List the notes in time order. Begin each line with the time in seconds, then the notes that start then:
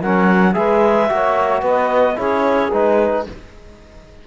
0.00 F#3 C#4 A#4 F#5
0.54 G#3 G#4 B4 E5
1.09 A#3 F#4 C#5
1.60 B3 B4
1.67 D#5
2.15 C#4 E4 G#4 C#5
2.72 G#3 D#4 B4